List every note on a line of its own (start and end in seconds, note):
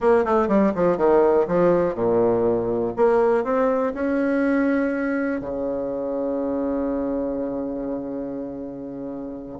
0.00 0.24 A#3
0.24 0.48 A3
0.48 0.72 G3
0.75 0.97 F3
0.97 1.46 D#3
1.47 1.94 F3
1.94 2.93 A#2
2.96 3.44 A#3
3.44 3.93 C4
3.94 5.41 C#4
5.41 9.59 C#3